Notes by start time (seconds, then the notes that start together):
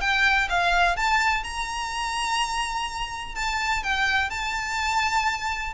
0.00 G5
0.49 F5
0.96 A5
1.43 A#5
3.35 A5
3.83 G5
4.30 A5